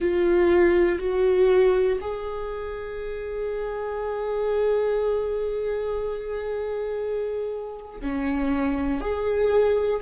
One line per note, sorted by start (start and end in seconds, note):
0.00 0.99 F4
0.99 1.99 F#4
2.00 8.00 G#4
8.00 9.00 C#4
9.00 10.00 G#4